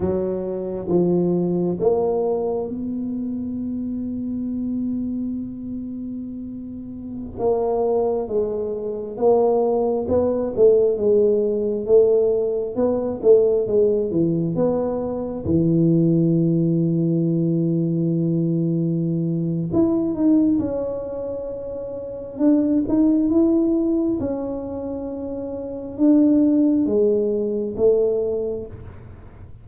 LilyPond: \new Staff \with { instrumentName = "tuba" } { \time 4/4 \tempo 4 = 67 fis4 f4 ais4 b4~ | b1~ | b16 ais4 gis4 ais4 b8 a16~ | a16 gis4 a4 b8 a8 gis8 e16~ |
e16 b4 e2~ e8.~ | e2 e'8 dis'8 cis'4~ | cis'4 d'8 dis'8 e'4 cis'4~ | cis'4 d'4 gis4 a4 | }